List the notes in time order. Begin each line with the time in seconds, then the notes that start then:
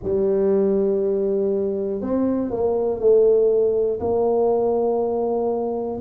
0.03 G3
2.01 C4
2.50 A#3
3.00 A3
4.00 A#3